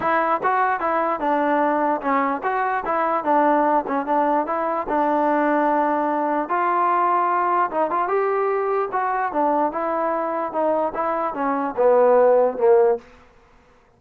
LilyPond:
\new Staff \with { instrumentName = "trombone" } { \time 4/4 \tempo 4 = 148 e'4 fis'4 e'4 d'4~ | d'4 cis'4 fis'4 e'4 | d'4. cis'8 d'4 e'4 | d'1 |
f'2. dis'8 f'8 | g'2 fis'4 d'4 | e'2 dis'4 e'4 | cis'4 b2 ais4 | }